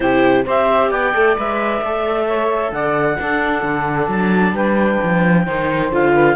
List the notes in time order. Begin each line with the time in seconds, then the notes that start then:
0.00 C3 E4 G4 C5
0.44 C4 G4 C5 E5
0.89 B3 D5 G5
1.14 A3 A4
1.36 G#3 B4 E5
1.80 A3 A4
2.27 C#5
2.71 D3 D5 F#5
3.18 D4 A4
3.62 D3
4.07 F#3 A5
4.52 G3 B4 G5
5.03 F3
5.44 D#3 D#4 C5
5.91 D3 F4 F5
6.13 B4